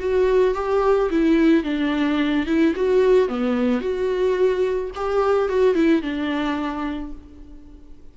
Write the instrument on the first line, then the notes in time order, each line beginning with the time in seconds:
viola
0.00 F#4
0.55 G4
1.11 E4
1.64 D4
2.47 E4
2.76 F#4
3.29 B3
3.81 F#4
4.95 G4
5.49 F#4
5.75 E4
6.02 D4